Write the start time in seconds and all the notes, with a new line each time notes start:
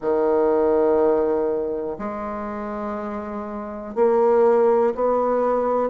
0.00 D#3
1.98 G#3
3.95 A#3
4.94 B3